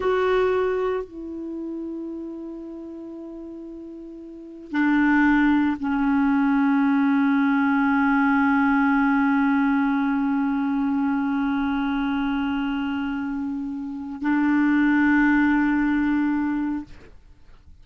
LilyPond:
\new Staff \with { instrumentName = "clarinet" } { \time 4/4 \tempo 4 = 114 fis'2 e'2~ | e'1~ | e'4 d'2 cis'4~ | cis'1~ |
cis'1~ | cis'1~ | cis'2. d'4~ | d'1 | }